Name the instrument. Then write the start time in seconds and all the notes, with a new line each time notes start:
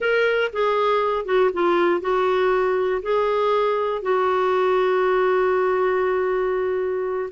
clarinet
0.00 A#4
0.52 G#4
1.25 F#4
1.53 F4
2.00 F#4
3.02 G#4
4.02 F#4